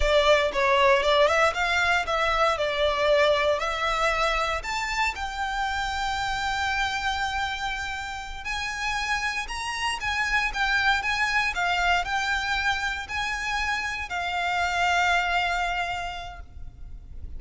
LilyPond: \new Staff \with { instrumentName = "violin" } { \time 4/4 \tempo 4 = 117 d''4 cis''4 d''8 e''8 f''4 | e''4 d''2 e''4~ | e''4 a''4 g''2~ | g''1~ |
g''8 gis''2 ais''4 gis''8~ | gis''8 g''4 gis''4 f''4 g''8~ | g''4. gis''2 f''8~ | f''1 | }